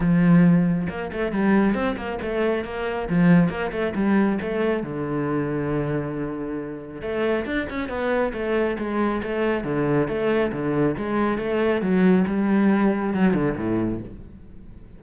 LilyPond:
\new Staff \with { instrumentName = "cello" } { \time 4/4 \tempo 4 = 137 f2 ais8 a8 g4 | c'8 ais8 a4 ais4 f4 | ais8 a8 g4 a4 d4~ | d1 |
a4 d'8 cis'8 b4 a4 | gis4 a4 d4 a4 | d4 gis4 a4 fis4 | g2 fis8 d8 a,4 | }